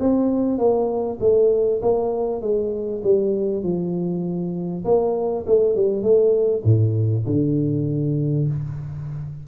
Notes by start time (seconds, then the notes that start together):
0.00 C4
0.58 A#3
1.21 A3
1.82 A#3
2.42 G#3
3.04 G3
3.63 F3
4.85 A#3
5.47 A3
5.76 G3
6.03 A3
6.65 A2
7.26 D3